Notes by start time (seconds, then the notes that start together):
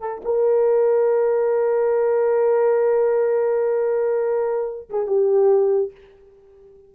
0.00 A4
0.25 A#4
4.90 G#4
5.07 G4